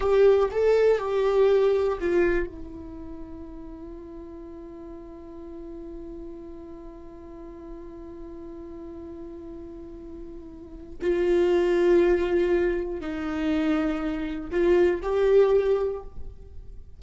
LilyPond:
\new Staff \with { instrumentName = "viola" } { \time 4/4 \tempo 4 = 120 g'4 a'4 g'2 | f'4 e'2.~ | e'1~ | e'1~ |
e'1~ | e'2 f'2~ | f'2 dis'2~ | dis'4 f'4 g'2 | }